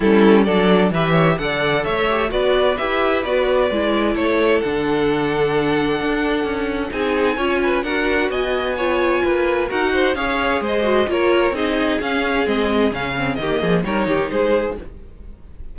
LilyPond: <<
  \new Staff \with { instrumentName = "violin" } { \time 4/4 \tempo 4 = 130 a'4 d''4 e''4 fis''4 | e''4 d''4 e''4 d''4~ | d''4 cis''4 fis''2~ | fis''2. gis''4~ |
gis''4 fis''4 gis''2~ | gis''4 fis''4 f''4 dis''4 | cis''4 dis''4 f''4 dis''4 | f''4 dis''4 cis''4 c''4 | }
  \new Staff \with { instrumentName = "violin" } { \time 4/4 e'4 a'4 b'8 cis''8 d''4 | cis''4 b'2.~ | b'4 a'2.~ | a'2. gis'4 |
cis''8 b'8 ais'4 dis''4 cis''4 | b'4 ais'8 c''8 cis''4 c''4 | ais'4 gis'2.~ | gis'4 g'8 gis'8 ais'8 g'8 gis'4 | }
  \new Staff \with { instrumentName = "viola" } { \time 4/4 cis'4 d'4 g'4 a'4~ | a'8 g'8 fis'4 g'4 fis'4 | e'2 d'2~ | d'2. dis'4 |
f'4 fis'2 f'4~ | f'4 fis'4 gis'4. fis'8 | f'4 dis'4 cis'4 c'4 | cis'8 c'8 ais4 dis'2 | }
  \new Staff \with { instrumentName = "cello" } { \time 4/4 g4 fis4 e4 d4 | a4 b4 e'4 b4 | gis4 a4 d2~ | d4 d'4 cis'4 c'4 |
cis'4 d'4 b2 | ais4 dis'4 cis'4 gis4 | ais4 c'4 cis'4 gis4 | cis4 dis8 f8 g8 dis8 gis4 | }
>>